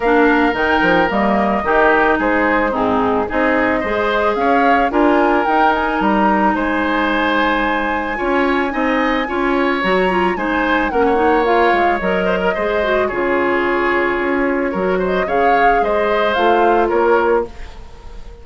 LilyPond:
<<
  \new Staff \with { instrumentName = "flute" } { \time 4/4 \tempo 4 = 110 f''4 g''4 dis''2 | c''4 gis'4 dis''2 | f''4 gis''4 g''8 gis''8 ais''4 | gis''1~ |
gis''2 ais''4 gis''4 | fis''4 f''4 dis''2 | cis''2.~ cis''8 dis''8 | f''4 dis''4 f''4 cis''4 | }
  \new Staff \with { instrumentName = "oboe" } { \time 4/4 ais'2. g'4 | gis'4 dis'4 gis'4 c''4 | cis''4 ais'2. | c''2. cis''4 |
dis''4 cis''2 c''4 | ais'16 cis''2~ cis''16 c''16 ais'16 c''4 | gis'2. ais'8 c''8 | cis''4 c''2 ais'4 | }
  \new Staff \with { instrumentName = "clarinet" } { \time 4/4 d'4 dis'4 ais4 dis'4~ | dis'4 c'4 dis'4 gis'4~ | gis'4 f'4 dis'2~ | dis'2. f'4 |
dis'4 f'4 fis'8 f'8 dis'4 | cis'8 dis'8 f'4 ais'4 gis'8 fis'8 | f'2. fis'4 | gis'2 f'2 | }
  \new Staff \with { instrumentName = "bassoon" } { \time 4/4 ais4 dis8 f8 g4 dis4 | gis4 gis,4 c'4 gis4 | cis'4 d'4 dis'4 g4 | gis2. cis'4 |
c'4 cis'4 fis4 gis4 | ais4. gis8 fis4 gis4 | cis2 cis'4 fis4 | cis4 gis4 a4 ais4 | }
>>